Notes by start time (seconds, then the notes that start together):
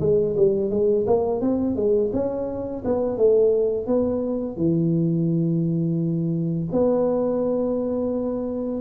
0.00 G#3
0.37 G3
0.70 G#3
1.07 A#3
1.41 C4
1.76 G#3
2.13 C#4
2.84 B3
3.17 A3
3.87 B3
4.57 E3
6.72 B3